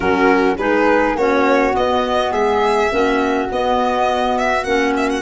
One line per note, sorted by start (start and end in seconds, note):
0.00 0.57 F#3
0.00 0.57 C#4
0.00 0.55 F#4
0.00 0.55 A#4
0.57 1.15 G#3
0.57 1.17 D#4
0.57 1.16 G#4
0.57 1.16 B4
1.15 1.73 A#3
1.15 1.72 C#4
1.15 2.32 F#4
1.15 1.75 C#5
1.72 2.89 B3
1.72 2.31 B3
1.72 2.32 D#5
2.31 2.90 G#3
2.31 2.90 G#4
2.31 3.49 E5
2.91 3.50 A#3
2.91 3.49 C#4
2.91 5.22 F#4
3.50 4.65 B3
3.50 4.64 B3
3.50 4.38 D#5
4.38 4.63 E5
4.63 5.22 A#3
4.63 5.22 C#4
4.63 4.93 F#5
4.96 5.09 E5
5.09 5.22 F#5